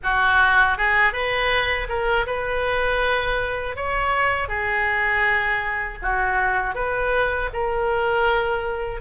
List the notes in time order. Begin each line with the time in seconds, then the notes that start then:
0.03 F#4
0.77 G#4
1.12 B4
1.88 A#4
2.26 B4
3.76 C#5
4.48 G#4
6.01 F#4
6.74 B4
7.53 A#4